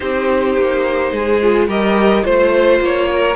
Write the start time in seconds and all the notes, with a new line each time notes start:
0.00 C4 D#4 G4 C5
0.57 A#3
1.11 G#3 G#4
1.41 F4
1.67 G3 G4 A#4 D#5
2.23 A3 F4 C5
2.80 A#3 C#5
3.12 A#4